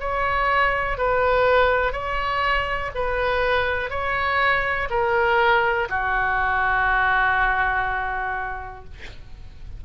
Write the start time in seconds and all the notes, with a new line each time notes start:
0.00 C#5
0.97 B4
1.93 C#5
2.95 B4
3.90 C#5
4.90 A#4
5.89 F#4